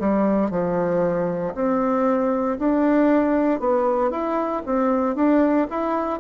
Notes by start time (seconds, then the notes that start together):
0.00 G3
0.51 F3
1.55 C4
2.60 D4
3.60 B3
4.11 E4
4.66 C4
5.16 D4
5.71 E4